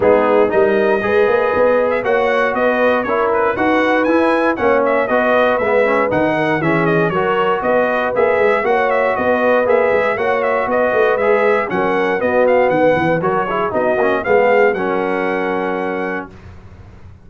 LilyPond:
<<
  \new Staff \with { instrumentName = "trumpet" } { \time 4/4 \tempo 4 = 118 gis'4 dis''2~ dis''8. e''16 | fis''4 dis''4 cis''8 b'8 fis''4 | gis''4 fis''8 e''8 dis''4 e''4 | fis''4 e''8 dis''8 cis''4 dis''4 |
e''4 fis''8 e''8 dis''4 e''4 | fis''8 e''8 dis''4 e''4 fis''4 | dis''8 f''8 fis''4 cis''4 dis''4 | f''4 fis''2. | }
  \new Staff \with { instrumentName = "horn" } { \time 4/4 dis'4 ais'4 b'2 | cis''4 b'4 ais'4 b'4~ | b'4 cis''4 b'2~ | b'8 ais'8 gis'4 ais'4 b'4~ |
b'4 cis''4 b'2 | cis''4 b'2 ais'4 | fis'4 b'4 ais'8 gis'8 fis'4 | gis'4 ais'2. | }
  \new Staff \with { instrumentName = "trombone" } { \time 4/4 b4 dis'4 gis'2 | fis'2 e'4 fis'4 | e'4 cis'4 fis'4 b8 cis'8 | dis'4 cis'4 fis'2 |
gis'4 fis'2 gis'4 | fis'2 gis'4 cis'4 | b2 fis'8 e'8 dis'8 cis'8 | b4 cis'2. | }
  \new Staff \with { instrumentName = "tuba" } { \time 4/4 gis4 g4 gis8 ais8 b4 | ais4 b4 cis'4 dis'4 | e'4 ais4 b4 gis4 | dis4 e4 fis4 b4 |
ais8 gis8 ais4 b4 ais8 gis8 | ais4 b8 a8 gis4 fis4 | b4 dis8 e8 fis4 b8 ais8 | gis4 fis2. | }
>>